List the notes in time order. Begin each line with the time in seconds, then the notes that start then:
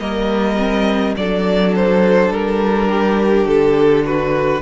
0.00 G3 A#3 A#4 D#5
0.58 C4
1.17 F#3 D4 A4 D5
1.76 C5
2.30 G3 A#4
2.89 G4
3.46 D3 A4
4.06 F#4 B4